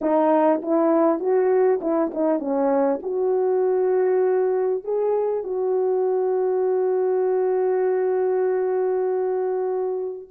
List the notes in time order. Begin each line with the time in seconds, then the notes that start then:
0.01 D#4
0.62 E4
1.19 F#4
1.81 E4
2.13 D#4
2.39 C#4
3.02 F#4
4.84 G#4
5.43 F#4